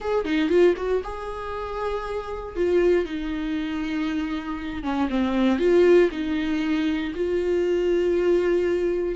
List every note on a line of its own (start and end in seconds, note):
0.00 0.24 G#4
0.24 0.49 D#4
0.49 0.74 F4
0.77 1.02 F#4
1.03 2.56 G#4
2.56 3.05 F4
3.05 4.83 D#4
4.83 5.08 C#4
5.09 5.59 C4
5.59 6.09 F4
6.11 7.13 D#4
7.14 9.15 F4